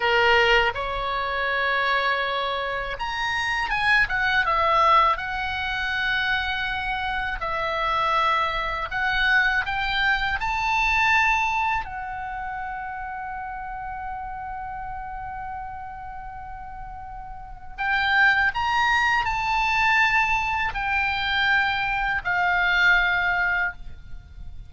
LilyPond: \new Staff \with { instrumentName = "oboe" } { \time 4/4 \tempo 4 = 81 ais'4 cis''2. | ais''4 gis''8 fis''8 e''4 fis''4~ | fis''2 e''2 | fis''4 g''4 a''2 |
fis''1~ | fis''1 | g''4 ais''4 a''2 | g''2 f''2 | }